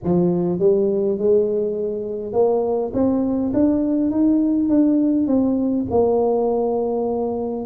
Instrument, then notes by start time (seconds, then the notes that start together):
tuba
0.03 F3
0.59 G3
1.18 G#3
2.33 A#3
2.93 C4
3.53 D4
4.10 D#4
4.69 D4
5.27 C4
5.90 A#3